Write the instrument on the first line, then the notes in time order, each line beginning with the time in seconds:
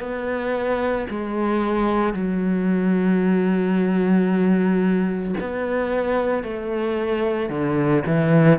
cello
0.00 B3
1.10 G#3
2.13 F#3
5.41 B3
6.43 A3
7.50 D3
8.06 E3